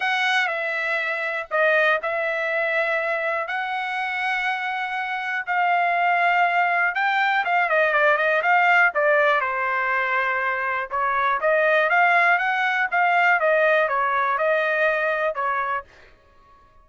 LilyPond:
\new Staff \with { instrumentName = "trumpet" } { \time 4/4 \tempo 4 = 121 fis''4 e''2 dis''4 | e''2. fis''4~ | fis''2. f''4~ | f''2 g''4 f''8 dis''8 |
d''8 dis''8 f''4 d''4 c''4~ | c''2 cis''4 dis''4 | f''4 fis''4 f''4 dis''4 | cis''4 dis''2 cis''4 | }